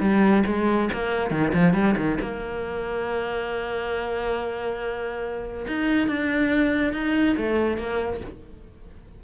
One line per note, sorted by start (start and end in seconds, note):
0.00 0.43 G3
0.46 0.89 G#3
0.93 1.30 A#3
1.30 1.52 D#3
1.53 1.73 F3
1.73 1.95 G3
1.97 2.18 D#3
2.21 5.66 A#3
5.67 6.07 D#4
6.07 6.93 D4
6.93 7.36 D#4
7.37 7.77 A3
7.77 8.20 A#3